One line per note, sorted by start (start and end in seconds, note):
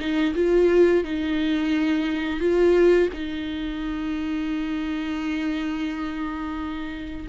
0.00 0.34 D#4
0.35 1.04 F4
1.04 2.40 D#4
2.40 3.09 F4
3.14 7.28 D#4